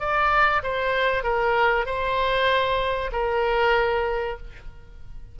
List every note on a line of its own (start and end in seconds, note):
0.00 0.62 D5
0.63 1.23 C5
1.23 1.86 A#4
1.86 3.11 C5
3.12 4.38 A#4